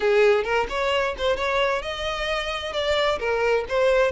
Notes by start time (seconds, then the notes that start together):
0.00 G#4
0.44 A#4
0.69 C#5
1.18 C5
1.36 C#5
1.82 D#5
2.73 D5
3.19 A#4
3.68 C5